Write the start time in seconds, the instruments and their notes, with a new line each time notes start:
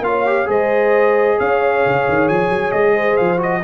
0.00 tuba A#3, trombone F4, horn C#5, trumpet F5
0.26 trombone G4
0.46 tuba G#3, trombone G#4, horn C5, trumpet D#5
1.39 tuba C#4, horn C#5, trumpet F5
1.86 tuba C#3
2.09 tuba D#3
2.29 tuba F3, trumpet G#5
2.50 tuba F#3
2.72 tuba G#3, trumpet D#5
2.95 horn C5
3.17 tuba F3, trumpet F5
3.38 trombone F#4, trumpet D#5